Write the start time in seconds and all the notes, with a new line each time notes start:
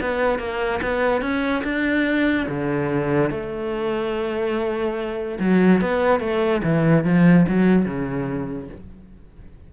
0.00 B3
0.39 A#3
0.82 B3
1.21 C#4
1.64 D4
2.48 D3
3.30 A3
5.39 F#3
5.81 B3
6.20 A3
6.63 E3
7.04 F3
7.48 F#3
7.85 C#3